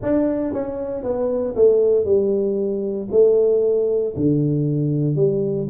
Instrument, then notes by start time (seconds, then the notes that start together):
tuba
0.02 D4
0.53 C#4
1.03 B3
1.55 A3
2.04 G3
3.11 A3
4.16 D3
5.15 G3